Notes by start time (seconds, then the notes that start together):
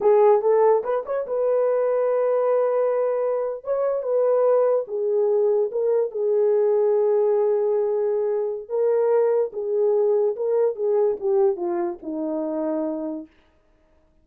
0.00 G#4
0.41 A4
0.83 B4
1.05 C#5
1.26 B4
3.64 C#5
4.02 B4
4.87 G#4
5.71 A#4
6.11 G#4
8.68 A#4
9.53 G#4
10.36 A#4
10.75 G#4
11.19 G4
11.56 F4
12.02 D#4